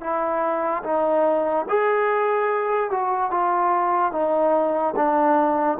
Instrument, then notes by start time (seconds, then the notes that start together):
trombone
0.00 E4
0.83 D#4
1.68 G#4
2.90 F#4
3.30 F4
4.12 D#4
4.95 D4